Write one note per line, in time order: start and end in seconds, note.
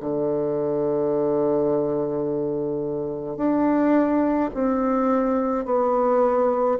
0.00 3.37 D3
3.37 4.50 D4
4.54 5.65 C4
5.65 6.78 B3